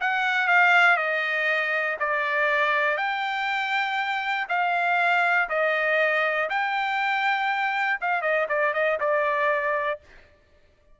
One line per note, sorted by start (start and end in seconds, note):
0.00 0.47 F#5
0.47 0.97 F5
0.97 1.97 D#5
1.99 2.97 D5
2.97 4.47 G5
4.48 5.48 F5
5.49 6.49 D#5
6.49 7.99 G5
8.00 8.21 F5
8.21 8.46 D#5
8.48 8.73 D5
8.73 8.98 D#5
9.00 10.00 D5